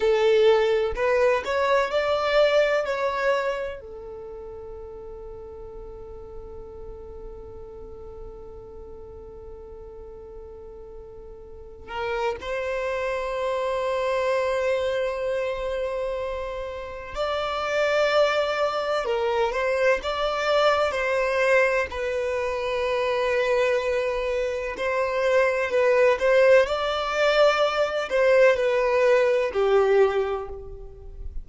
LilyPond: \new Staff \with { instrumentName = "violin" } { \time 4/4 \tempo 4 = 63 a'4 b'8 cis''8 d''4 cis''4 | a'1~ | a'1~ | a'8 ais'8 c''2.~ |
c''2 d''2 | ais'8 c''8 d''4 c''4 b'4~ | b'2 c''4 b'8 c''8 | d''4. c''8 b'4 g'4 | }